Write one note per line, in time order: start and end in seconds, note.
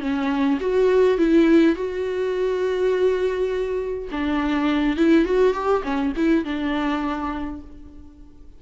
0.00 0.58 C#4
0.60 1.17 F#4
1.17 1.75 E4
1.75 4.08 F#4
4.11 4.96 D4
4.96 5.25 E4
5.25 5.53 F#4
5.53 5.82 G4
5.83 6.12 C#4
6.16 6.44 E4
6.44 7.61 D4